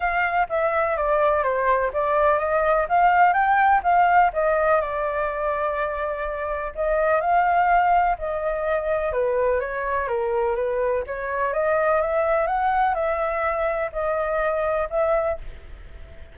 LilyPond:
\new Staff \with { instrumentName = "flute" } { \time 4/4 \tempo 4 = 125 f''4 e''4 d''4 c''4 | d''4 dis''4 f''4 g''4 | f''4 dis''4 d''2~ | d''2 dis''4 f''4~ |
f''4 dis''2 b'4 | cis''4 ais'4 b'4 cis''4 | dis''4 e''4 fis''4 e''4~ | e''4 dis''2 e''4 | }